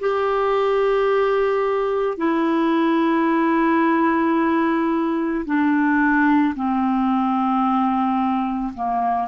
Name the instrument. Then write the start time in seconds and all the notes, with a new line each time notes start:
clarinet
0.00 G4
2.18 E4
5.45 D4
6.56 C4
8.74 A#3